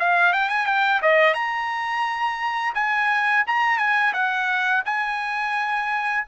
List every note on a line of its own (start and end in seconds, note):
0.00 0.33 F5
0.33 0.49 G5
0.49 0.66 G#5
0.66 1.01 G5
1.02 1.34 D#5
1.34 2.74 A#5
2.75 3.45 G#5
3.47 3.78 A#5
3.78 4.13 G#5
4.14 4.83 F#5
4.86 6.25 G#5